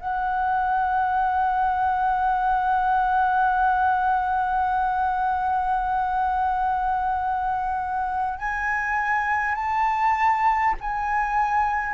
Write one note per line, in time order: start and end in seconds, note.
0.00 8.38 F#5
8.38 9.55 G#5
9.55 10.75 A5
10.81 11.94 G#5